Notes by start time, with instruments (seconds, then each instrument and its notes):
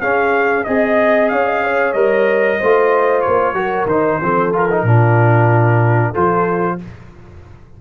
0.00 tuba C#4, trombone C#4, horn G#4, trumpet F5
0.64 tuba C4, trombone G#4, trumpet D#5, horn D#5
1.28 tuba C#4, horn C#5, trumpet F5
1.46 horn D#5
1.63 horn C#5
1.92 tuba G3, trombone A#4, trumpet D#5
2.58 tuba A3, trombone F4, horn C5
3.21 trumpet C#5
3.27 tuba A#3
3.53 tuba F#3, trombone F#4, horn A#4
3.86 tuba D#3, trombone D#4, trumpet C5
4.21 tuba F3, trombone C4, horn A4
4.52 trombone F4, trumpet A#4
4.70 trombone D#4
4.83 tuba A#2, trombone D4, horn F4
6.11 tuba F3, trombone F4, horn A4, trumpet C5